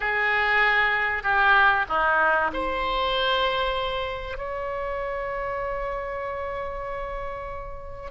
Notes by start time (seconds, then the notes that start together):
0.00 G#4
1.23 G4
1.88 D#4
2.53 C5
4.38 C#5